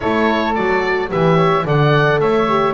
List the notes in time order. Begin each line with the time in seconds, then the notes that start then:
0.00 A3 E4 A4 C#5
0.54 F#3 F#4 D5
1.08 E3 G4 B4 E5
1.36 C#5
1.65 D3 A4 D5 F#5
2.20 A3 C#5 E5
2.48 G4